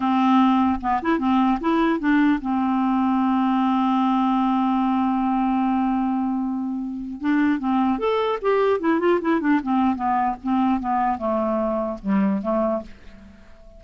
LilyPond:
\new Staff \with { instrumentName = "clarinet" } { \time 4/4 \tempo 4 = 150 c'2 b8 e'8 c'4 | e'4 d'4 c'2~ | c'1~ | c'1~ |
c'2 d'4 c'4 | a'4 g'4 e'8 f'8 e'8 d'8 | c'4 b4 c'4 b4 | a2 g4 a4 | }